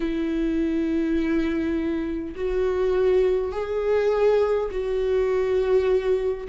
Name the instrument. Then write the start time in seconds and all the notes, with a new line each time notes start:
viola
0.00 E4
2.35 F#4
3.52 G#4
4.71 F#4